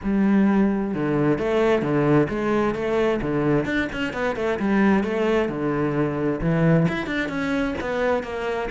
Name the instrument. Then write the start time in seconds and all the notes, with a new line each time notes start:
cello
0.03 G3
0.93 D3
1.38 A3
1.82 D3
2.29 G#3
2.74 A3
3.21 D3
3.65 D4
3.92 C#4
4.13 B3
4.35 A3
4.59 G3
5.03 A3
5.49 D3
6.41 E3
6.88 E4
7.06 D4
7.28 C#4
7.80 B3
8.23 A#3